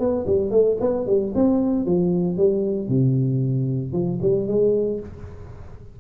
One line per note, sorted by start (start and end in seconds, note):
0.00 0.26 B3
0.27 0.51 G3
0.51 0.78 A3
0.81 1.07 B3
1.07 1.33 G3
1.35 1.86 C4
1.86 2.38 F3
2.38 2.89 G3
2.89 3.93 C3
3.93 4.19 F3
4.22 4.48 G3
4.48 5.00 G#3